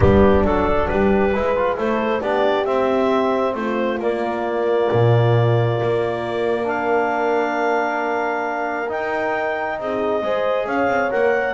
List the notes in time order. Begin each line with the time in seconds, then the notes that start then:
0.00 G3 B3 D4 G4
0.43 F#3 D4 A4
0.88 G3 G4 B4
1.33 G#3 E4 B4
1.56 F4
1.76 A3 E4 A4 C5
2.20 B3 D4 G4 D5
2.65 C4 E5
3.54 A3 F4 C5
3.99 A#3 D5
4.92 A#2
5.82 A#3
6.63 D4 A#4 F5
8.88 D#4 G5
9.79 C4 G#4 D#5
10.21 G#3 G#4 C5
10.66 C#4 C#5 F5
10.87 C4
11.10 A#3 A#4 F#5